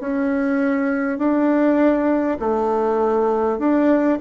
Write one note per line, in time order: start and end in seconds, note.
0.00 1.18 C#4
1.18 2.38 D4
2.39 3.59 A3
3.59 4.19 D4